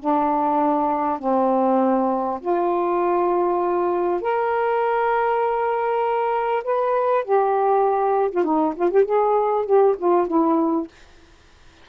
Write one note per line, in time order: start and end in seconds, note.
0.00 1.19 D4
1.19 2.40 C4
2.41 4.21 F4
4.21 6.64 A#4
6.64 7.25 B4
7.25 8.31 G4
8.32 8.44 F4
8.44 8.74 D#4
8.76 8.91 F4
8.91 9.05 G4
9.05 9.66 G#4
9.66 9.96 G4
9.99 10.28 F4
10.28 10.88 E4